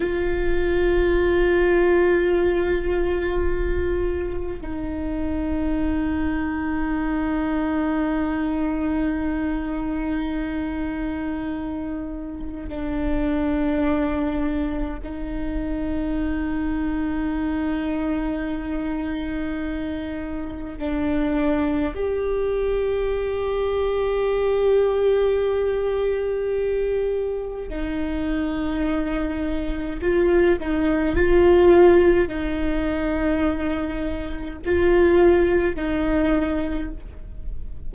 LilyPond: \new Staff \with { instrumentName = "viola" } { \time 4/4 \tempo 4 = 52 f'1 | dis'1~ | dis'2. d'4~ | d'4 dis'2.~ |
dis'2 d'4 g'4~ | g'1 | dis'2 f'8 dis'8 f'4 | dis'2 f'4 dis'4 | }